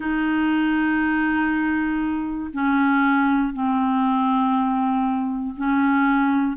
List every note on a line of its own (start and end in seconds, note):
0.00 2.50 D#4
2.53 3.53 C#4
3.53 5.54 C4
5.56 6.56 C#4